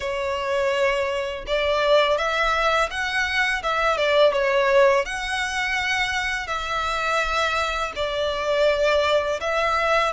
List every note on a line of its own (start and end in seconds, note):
0.00 1.45 C#5
1.46 2.17 D5
2.17 2.89 E5
2.90 3.62 F#5
3.62 3.97 E5
3.97 4.32 D5
4.32 5.05 C#5
5.05 6.47 F#5
6.47 7.92 E5
7.95 9.40 D5
9.40 10.12 E5